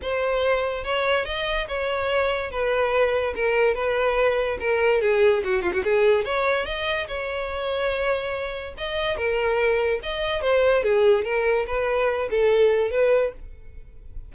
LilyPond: \new Staff \with { instrumentName = "violin" } { \time 4/4 \tempo 4 = 144 c''2 cis''4 dis''4 | cis''2 b'2 | ais'4 b'2 ais'4 | gis'4 fis'8 f'16 fis'16 gis'4 cis''4 |
dis''4 cis''2.~ | cis''4 dis''4 ais'2 | dis''4 c''4 gis'4 ais'4 | b'4. a'4. b'4 | }